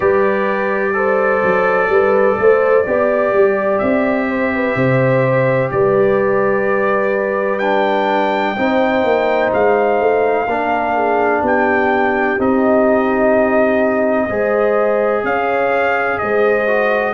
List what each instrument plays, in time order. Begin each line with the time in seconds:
0.00 tuba G3, trombone G4, horn B4, trumpet D5
0.93 trombone A4, horn C5
1.42 tuba F#3
1.88 tuba G3, horn B4
2.37 tuba A3, horn C5
2.86 tuba B3, trombone G4, horn D5
3.33 tuba G3
3.78 tuba C4, trumpet E5
4.28 horn C5
4.54 horn B4
4.75 tuba C3, horn C5
5.71 tuba G3, horn B4, trumpet D5
7.59 trombone D4, trumpet G5
8.56 tuba C4, trombone D#4, horn C5
9.04 tuba A#3
9.53 tuba G#3, trumpet F5
10.00 tuba A3
10.46 tuba A#3, trombone D4, horn A#4
10.94 horn G#4
11.40 tuba B3, horn G4, trumpet G5
12.38 tuba C4, trombone D#4, trumpet D#5
14.28 tuba G#3, trombone G#4, horn C5
15.23 tuba C#4, horn C#5, trumpet F5
16.18 tuba G#3, horn C5, trumpet D#5
16.67 trombone F#4